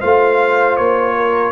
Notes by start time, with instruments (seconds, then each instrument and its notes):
0.00 tuba A3, trombone F4, horn C5, trumpet F5
0.76 tuba A#3, trumpet C#5
1.16 horn A#4